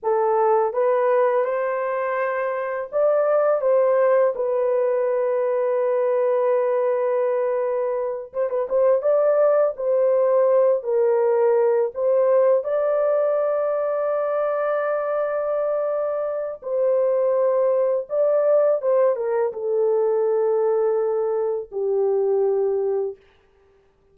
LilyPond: \new Staff \with { instrumentName = "horn" } { \time 4/4 \tempo 4 = 83 a'4 b'4 c''2 | d''4 c''4 b'2~ | b'2.~ b'8 c''16 b'16 | c''8 d''4 c''4. ais'4~ |
ais'8 c''4 d''2~ d''8~ | d''2. c''4~ | c''4 d''4 c''8 ais'8 a'4~ | a'2 g'2 | }